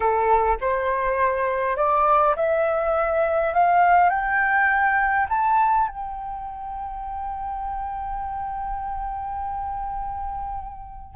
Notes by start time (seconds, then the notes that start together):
0.00 A4
0.60 C5
1.76 D5
2.36 E5
3.53 F5
4.09 G5
5.29 A5
5.88 G5